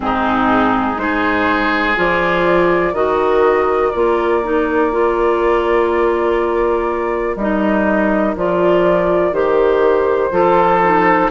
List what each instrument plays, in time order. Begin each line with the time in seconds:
0.00 bassoon G#2, clarinet C4, oboe D#4, flute G#4
0.96 bassoon G#3, clarinet D#4, oboe G#4, flute C5
1.95 bassoon F3, clarinet F4, flute D5
2.93 bassoon D#3, clarinet F#4, oboe A#4, flute D#5
3.91 bassoon A#3, clarinet F4, flute D5
4.43 clarinet D#4
4.91 clarinet F4
7.36 bassoon G3, clarinet D#4, flute D#5
8.35 bassoon F3, clarinet F4, flute D5
9.31 bassoon D#3, clarinet G4, flute C5
10.31 bassoon F3, clarinet F4, oboe A4
10.83 clarinet D#4